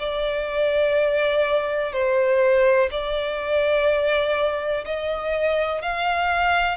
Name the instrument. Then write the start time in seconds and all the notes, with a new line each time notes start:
violin
0.00 D5
1.93 C5
2.92 D5
4.86 D#5
5.82 F5